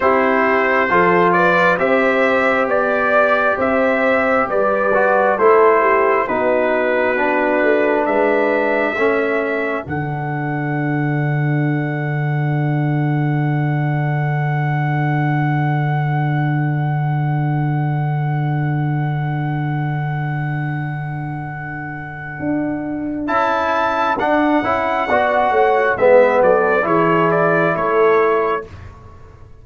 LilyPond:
<<
  \new Staff \with { instrumentName = "trumpet" } { \time 4/4 \tempo 4 = 67 c''4. d''8 e''4 d''4 | e''4 d''4 c''4 b'4~ | b'4 e''2 fis''4~ | fis''1~ |
fis''1~ | fis''1~ | fis''2 a''4 fis''4~ | fis''4 e''8 d''8 cis''8 d''8 cis''4 | }
  \new Staff \with { instrumentName = "horn" } { \time 4/4 g'4 a'8 b'8 c''4 d''4 | c''4 b'4 a'8 g'8 fis'4~ | fis'4 b'4 a'2~ | a'1~ |
a'1~ | a'1~ | a'1 | d''8 cis''8 b'8 a'8 gis'4 a'4 | }
  \new Staff \with { instrumentName = "trombone" } { \time 4/4 e'4 f'4 g'2~ | g'4. fis'8 e'4 dis'4 | d'2 cis'4 d'4~ | d'1~ |
d'1~ | d'1~ | d'2 e'4 d'8 e'8 | fis'4 b4 e'2 | }
  \new Staff \with { instrumentName = "tuba" } { \time 4/4 c'4 f4 c'4 b4 | c'4 g4 a4 b4~ | b8 a8 gis4 a4 d4~ | d1~ |
d1~ | d1~ | d4 d'4 cis'4 d'8 cis'8 | b8 a8 gis8 fis8 e4 a4 | }
>>